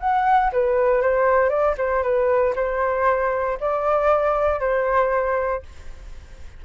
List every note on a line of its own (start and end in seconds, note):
0.00 0.51 F#5
0.52 1.01 B4
1.01 1.49 C5
1.49 1.75 D5
1.77 2.03 C5
2.03 2.54 B4
2.55 3.58 C5
3.60 4.60 D5
4.60 5.62 C5